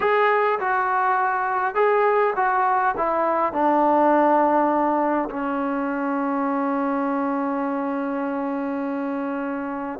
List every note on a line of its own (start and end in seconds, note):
0.00 0.59 G#4
0.59 1.74 F#4
1.74 2.33 G#4
2.35 2.94 F#4
2.97 3.52 E4
3.52 5.29 D4
5.30 9.99 C#4